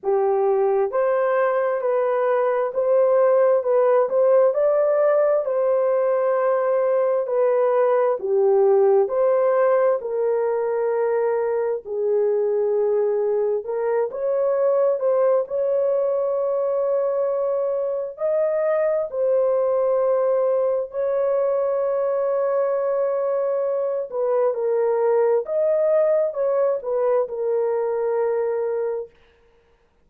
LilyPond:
\new Staff \with { instrumentName = "horn" } { \time 4/4 \tempo 4 = 66 g'4 c''4 b'4 c''4 | b'8 c''8 d''4 c''2 | b'4 g'4 c''4 ais'4~ | ais'4 gis'2 ais'8 cis''8~ |
cis''8 c''8 cis''2. | dis''4 c''2 cis''4~ | cis''2~ cis''8 b'8 ais'4 | dis''4 cis''8 b'8 ais'2 | }